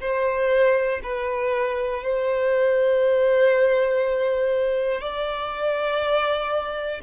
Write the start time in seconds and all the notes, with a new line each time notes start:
0.00 C5
1.03 B4
2.03 C5
5.00 D5